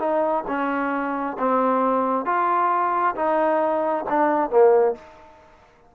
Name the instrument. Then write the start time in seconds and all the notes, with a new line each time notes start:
trombone
0.00 D#4
0.48 C#4
1.39 C4
2.26 F4
3.16 D#4
4.09 D4
4.51 A#3